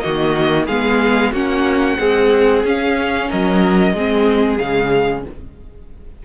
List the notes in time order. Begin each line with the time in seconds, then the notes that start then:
0.00 D#3 A#3 F#4 D#5
0.66 G#3 B3 G#4 F5
1.32 A#3 C#4 F#4 F#5
1.99 G#3 C4 G#4
2.64 C#4 F5
3.29 F#3 A#4 D#5
3.93 G#3 C4 G#4
4.58 C#3 G#3 F5